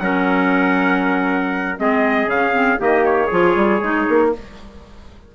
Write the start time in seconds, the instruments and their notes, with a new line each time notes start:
0.00 bassoon F#3, clarinet C#4, trumpet A#4 F#5
1.77 bassoon G#3, clarinet C4, trumpet G#4 D#5
2.26 bassoon C#3, trumpet F5
2.32 clarinet C#4
2.52 clarinet C4
2.78 bassoon D#3, clarinet A#3, trumpet G4 D#5
3.05 trumpet C#5
3.26 bassoon F3, clarinet F4, trumpet G#4
3.56 bassoon G3
3.81 bassoon G#3, clarinet D#4
4.09 bassoon A#3